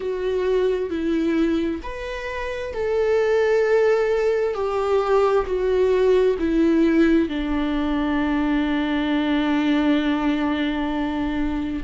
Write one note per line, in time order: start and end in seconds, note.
0.00 0.90 F#4
0.90 1.81 E4
1.83 2.73 B4
2.73 4.54 A4
4.54 5.45 G4
5.45 6.36 F#4
6.38 7.29 E4
7.29 11.83 D4